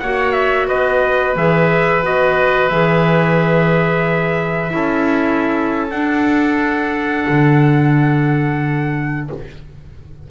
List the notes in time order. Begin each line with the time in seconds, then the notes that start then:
0.00 A#3 F#4 C#5 F#5
0.33 E5
0.68 B3 B4 D#5
1.36 E3 G#4 E5
2.03 B3 F#4 D#5
2.69 E3 G#4 E5
4.70 C#4 E4 A4
5.91 D4 F#5
7.29 D3